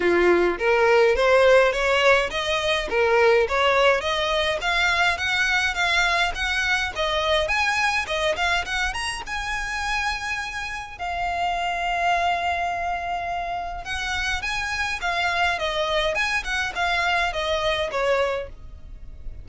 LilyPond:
\new Staff \with { instrumentName = "violin" } { \time 4/4 \tempo 4 = 104 f'4 ais'4 c''4 cis''4 | dis''4 ais'4 cis''4 dis''4 | f''4 fis''4 f''4 fis''4 | dis''4 gis''4 dis''8 f''8 fis''8 ais''8 |
gis''2. f''4~ | f''1 | fis''4 gis''4 f''4 dis''4 | gis''8 fis''8 f''4 dis''4 cis''4 | }